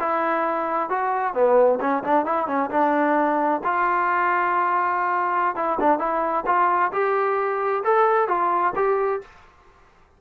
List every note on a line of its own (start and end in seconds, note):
0.00 0.90 E4
0.90 1.34 F#4
1.34 1.80 B3
1.81 2.03 C#4
2.04 2.26 D4
2.26 2.48 E4
2.48 2.70 C#4
2.70 3.61 D4
3.64 5.56 F4
5.56 5.79 E4
5.80 5.99 D4
5.99 6.45 E4
6.46 6.92 F4
6.93 7.83 G4
7.84 8.28 A4
8.28 8.74 F4
8.76 9.21 G4